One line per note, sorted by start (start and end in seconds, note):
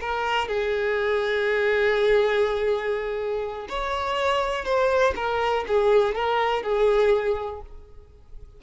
0.00 0.47 A#4
0.47 3.67 G#4
3.68 4.64 C#5
4.64 5.13 C5
5.15 5.64 A#4
5.67 6.15 G#4
6.15 6.63 A#4
6.63 7.61 G#4